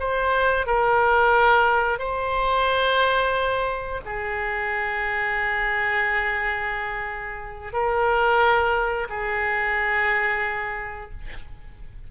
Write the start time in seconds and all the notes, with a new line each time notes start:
0.00 C5
0.66 A#4
1.99 C5
4.05 G#4
7.73 A#4
9.09 G#4